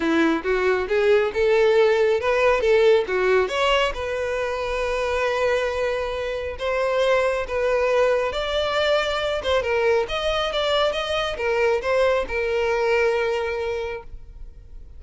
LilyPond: \new Staff \with { instrumentName = "violin" } { \time 4/4 \tempo 4 = 137 e'4 fis'4 gis'4 a'4~ | a'4 b'4 a'4 fis'4 | cis''4 b'2.~ | b'2. c''4~ |
c''4 b'2 d''4~ | d''4. c''8 ais'4 dis''4 | d''4 dis''4 ais'4 c''4 | ais'1 | }